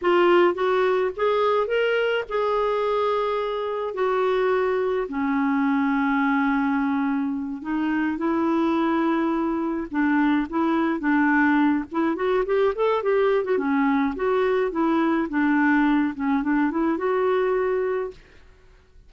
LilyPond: \new Staff \with { instrumentName = "clarinet" } { \time 4/4 \tempo 4 = 106 f'4 fis'4 gis'4 ais'4 | gis'2. fis'4~ | fis'4 cis'2.~ | cis'4. dis'4 e'4.~ |
e'4. d'4 e'4 d'8~ | d'4 e'8 fis'8 g'8 a'8 g'8. fis'16 | cis'4 fis'4 e'4 d'4~ | d'8 cis'8 d'8 e'8 fis'2 | }